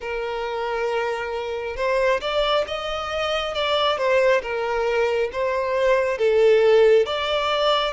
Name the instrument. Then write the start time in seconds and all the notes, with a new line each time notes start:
violin
0.00 A#4
1.76 C5
2.20 D5
2.67 D#5
3.54 D5
3.97 C5
4.42 A#4
5.32 C5
6.18 A4
7.06 D5